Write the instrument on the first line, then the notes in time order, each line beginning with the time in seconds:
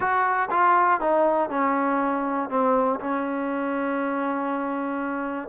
trombone
0.00 F#4
0.50 F4
1.00 D#4
1.49 C#4
2.49 C4
3.00 C#4